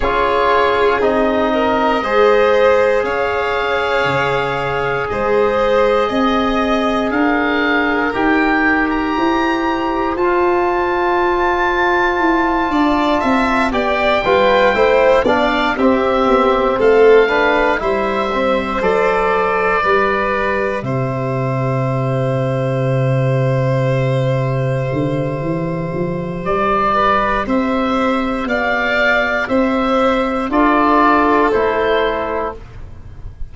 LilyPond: <<
  \new Staff \with { instrumentName = "oboe" } { \time 4/4 \tempo 4 = 59 cis''4 dis''2 f''4~ | f''4 dis''2 f''4 | g''8. ais''4~ ais''16 a''2~ | a''4. g''4. f''8 e''8~ |
e''8 f''4 e''4 d''4.~ | d''8 e''2.~ e''8~ | e''2 d''4 e''4 | f''4 e''4 d''4 c''4 | }
  \new Staff \with { instrumentName = "violin" } { \time 4/4 gis'4. ais'8 c''4 cis''4~ | cis''4 c''4 dis''4 ais'4~ | ais'4 c''2.~ | c''8 d''8 e''8 d''8 b'8 c''8 d''8 g'8~ |
g'8 a'8 b'8 c''2 b'8~ | b'8 c''2.~ c''8~ | c''2~ c''8 b'8 c''4 | d''4 c''4 a'2 | }
  \new Staff \with { instrumentName = "trombone" } { \time 4/4 f'4 dis'4 gis'2~ | gis'1 | g'2 f'2~ | f'4. g'8 f'8 e'8 d'8 c'8~ |
c'4 d'8 e'8 c'8 a'4 g'8~ | g'1~ | g'1~ | g'2 f'4 e'4 | }
  \new Staff \with { instrumentName = "tuba" } { \time 4/4 cis'4 c'4 gis4 cis'4 | cis4 gis4 c'4 d'4 | dis'4 e'4 f'2 | e'8 d'8 c'8 b8 g8 a8 b8 c'8 |
b8 a4 g4 fis4 g8~ | g8 c2.~ c8~ | c8 d8 e8 f8 g4 c'4 | b4 c'4 d'4 a4 | }
>>